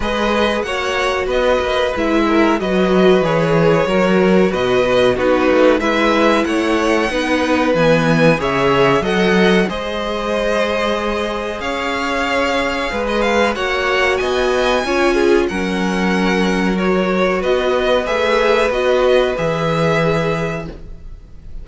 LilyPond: <<
  \new Staff \with { instrumentName = "violin" } { \time 4/4 \tempo 4 = 93 dis''4 fis''4 dis''4 e''4 | dis''4 cis''2 dis''4 | b'4 e''4 fis''2 | gis''4 e''4 fis''4 dis''4~ |
dis''2 f''2~ | f''16 dis''16 f''8 fis''4 gis''2 | fis''2 cis''4 dis''4 | e''4 dis''4 e''2 | }
  \new Staff \with { instrumentName = "violin" } { \time 4/4 b'4 cis''4 b'4. ais'8 | b'2 ais'4 b'4 | fis'4 b'4 cis''4 b'4~ | b'4 cis''4 dis''4 c''4~ |
c''2 cis''2 | b'4 cis''4 dis''4 cis''8 gis'8 | ais'2. b'4~ | b'1 | }
  \new Staff \with { instrumentName = "viola" } { \time 4/4 gis'4 fis'2 e'4 | fis'4 gis'4 fis'2 | dis'4 e'2 dis'4 | b4 gis'4 a'4 gis'4~ |
gis'1~ | gis'4 fis'2 f'4 | cis'2 fis'2 | gis'4 fis'4 gis'2 | }
  \new Staff \with { instrumentName = "cello" } { \time 4/4 gis4 ais4 b8 ais8 gis4 | fis4 e4 fis4 b,4 | b8 a8 gis4 a4 b4 | e4 cis4 fis4 gis4~ |
gis2 cis'2 | gis4 ais4 b4 cis'4 | fis2. b4 | a4 b4 e2 | }
>>